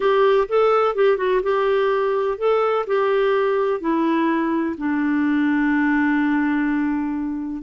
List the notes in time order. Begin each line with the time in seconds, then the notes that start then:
0.00 G4
0.48 A4
0.95 G4
1.17 F#4
1.42 G4
2.37 A4
2.86 G4
3.80 E4
4.77 D4